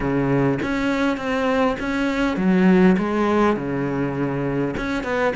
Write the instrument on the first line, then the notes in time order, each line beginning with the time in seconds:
cello
0.00 C#3
0.62 C#4
1.17 C4
1.79 C#4
2.37 F#3
2.97 G#3
3.56 C#3
4.77 C#4
5.03 B3